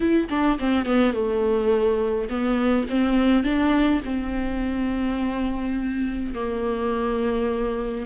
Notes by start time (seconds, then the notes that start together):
0.00 E4
0.29 D4
0.59 C4
0.85 B3
1.13 A3
2.29 B3
2.89 C4
3.43 D4
4.04 C4
6.34 A#3